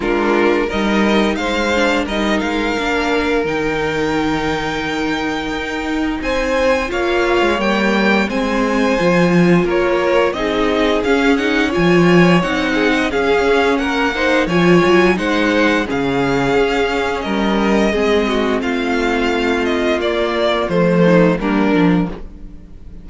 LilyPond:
<<
  \new Staff \with { instrumentName = "violin" } { \time 4/4 \tempo 4 = 87 ais'4 dis''4 f''4 dis''8 f''8~ | f''4 g''2.~ | g''4 gis''4 f''4 g''4 | gis''2 cis''4 dis''4 |
f''8 fis''8 gis''4 fis''4 f''4 | fis''4 gis''4 fis''4 f''4~ | f''4 dis''2 f''4~ | f''8 dis''8 d''4 c''4 ais'4 | }
  \new Staff \with { instrumentName = "violin" } { \time 4/4 f'4 ais'4 c''4 ais'4~ | ais'1~ | ais'4 c''4 cis''2 | c''2 ais'4 gis'4~ |
gis'4 cis''4. gis'16 dis''16 gis'4 | ais'8 c''8 cis''4 c''4 gis'4~ | gis'4 ais'4 gis'8 fis'8 f'4~ | f'2~ f'8 dis'8 d'4 | }
  \new Staff \with { instrumentName = "viola" } { \time 4/4 d'4 dis'4. d'8 dis'4 | d'4 dis'2.~ | dis'2 f'4 ais4 | c'4 f'2 dis'4 |
cis'8 dis'8 f'4 dis'4 cis'4~ | cis'8 dis'8 f'4 dis'4 cis'4~ | cis'2 c'2~ | c'4 ais4 a4 ais8 d'8 | }
  \new Staff \with { instrumentName = "cello" } { \time 4/4 gis4 g4 gis4 g8 gis8 | ais4 dis2. | dis'4 c'4 ais8. gis16 g4 | gis4 f4 ais4 c'4 |
cis'4 f4 c'4 cis'4 | ais4 f8 fis8 gis4 cis4 | cis'4 g4 gis4 a4~ | a4 ais4 f4 g8 f8 | }
>>